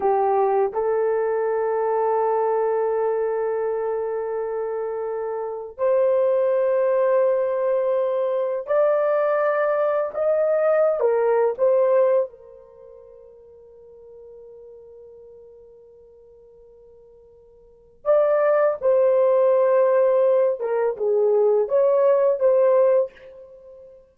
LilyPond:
\new Staff \with { instrumentName = "horn" } { \time 4/4 \tempo 4 = 83 g'4 a'2.~ | a'1 | c''1 | d''2 dis''4~ dis''16 ais'8. |
c''4 ais'2.~ | ais'1~ | ais'4 d''4 c''2~ | c''8 ais'8 gis'4 cis''4 c''4 | }